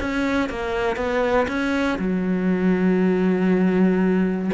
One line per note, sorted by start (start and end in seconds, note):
0.00 0.49 C#4
0.49 0.96 A#3
0.96 1.47 B3
1.48 1.98 C#4
1.98 4.51 F#3